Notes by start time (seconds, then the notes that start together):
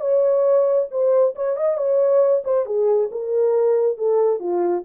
0.00 C#5
0.91 C5
1.35 C#5
1.56 D#5
1.77 C#5
2.44 C5
2.66 G#4
3.11 A#4
3.97 A4
4.39 F4